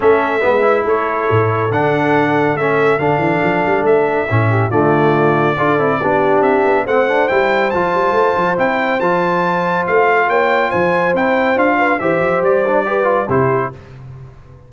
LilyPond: <<
  \new Staff \with { instrumentName = "trumpet" } { \time 4/4 \tempo 4 = 140 e''2 cis''2 | fis''2 e''4 f''4~ | f''4 e''2 d''4~ | d''2. e''4 |
fis''4 g''4 a''2 | g''4 a''2 f''4 | g''4 gis''4 g''4 f''4 | e''4 d''2 c''4 | }
  \new Staff \with { instrumentName = "horn" } { \time 4/4 a'4 b'4 a'2~ | a'1~ | a'2~ a'8 g'8 f'4~ | f'4 a'4 g'2 |
c''1~ | c''1 | cis''4 c''2~ c''8 b'8 | c''2 b'4 g'4 | }
  \new Staff \with { instrumentName = "trombone" } { \time 4/4 cis'4 b8 e'2~ e'8 | d'2 cis'4 d'4~ | d'2 cis'4 a4~ | a4 f'8 e'8 d'2 |
c'8 d'8 e'4 f'2 | e'4 f'2.~ | f'2 e'4 f'4 | g'4. d'8 g'8 f'8 e'4 | }
  \new Staff \with { instrumentName = "tuba" } { \time 4/4 a4 gis4 a4 a,4 | d2 a4 d8 e8 | f8 g8 a4 a,4 d4~ | d4 d'8 c'8 b4 c'8 b8 |
a4 g4 f8 g8 a8 f8 | c'4 f2 a4 | ais4 f4 c'4 d'4 | e8 f8 g2 c4 | }
>>